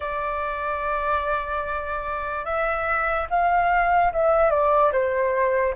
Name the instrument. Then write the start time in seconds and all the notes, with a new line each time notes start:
flute
0.00 D5
2.45 E5
3.30 F5
4.12 E5
4.50 D5
4.92 C5